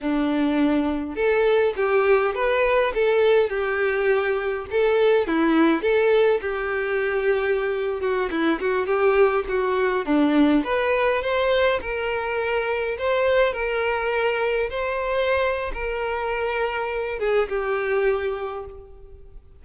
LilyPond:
\new Staff \with { instrumentName = "violin" } { \time 4/4 \tempo 4 = 103 d'2 a'4 g'4 | b'4 a'4 g'2 | a'4 e'4 a'4 g'4~ | g'4.~ g'16 fis'8 e'8 fis'8 g'8.~ |
g'16 fis'4 d'4 b'4 c''8.~ | c''16 ais'2 c''4 ais'8.~ | ais'4~ ais'16 c''4.~ c''16 ais'4~ | ais'4. gis'8 g'2 | }